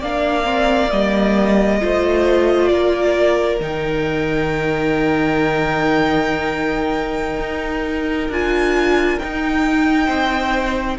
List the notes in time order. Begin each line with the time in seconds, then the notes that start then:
0.00 A#3 D4 D5 F5
0.45 C4
0.90 G3 A#3 D#5
1.81 A3 F4 C5
2.68 A#3 A#4 D5
3.60 D#3 D#4 G5
7.39 D#4
8.29 D4 F4 G#5
9.19 D#4 G5
10.06 C4 C5